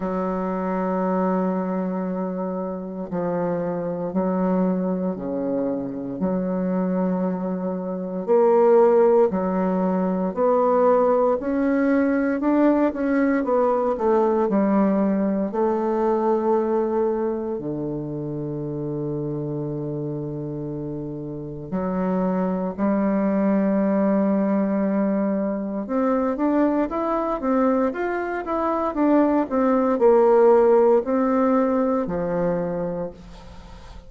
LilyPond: \new Staff \with { instrumentName = "bassoon" } { \time 4/4 \tempo 4 = 58 fis2. f4 | fis4 cis4 fis2 | ais4 fis4 b4 cis'4 | d'8 cis'8 b8 a8 g4 a4~ |
a4 d2.~ | d4 fis4 g2~ | g4 c'8 d'8 e'8 c'8 f'8 e'8 | d'8 c'8 ais4 c'4 f4 | }